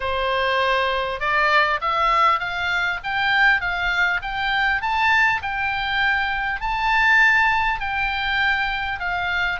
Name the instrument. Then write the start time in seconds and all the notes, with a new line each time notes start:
oboe
0.00 C5
1.20 D5
1.81 E5
2.39 F5
3.03 G5
3.61 F5
4.21 G5
4.81 A5
5.42 G5
6.61 A5
7.80 G5
8.99 F5